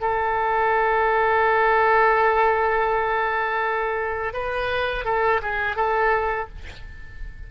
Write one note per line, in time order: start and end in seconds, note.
0.00 4.33 A4
4.33 5.04 B4
5.04 5.41 A4
5.42 5.76 G#4
5.76 6.48 A4